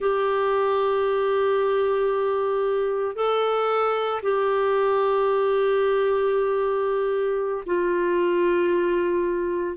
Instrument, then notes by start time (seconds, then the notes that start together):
clarinet
0.00 G4
3.15 A4
4.22 G4
7.66 F4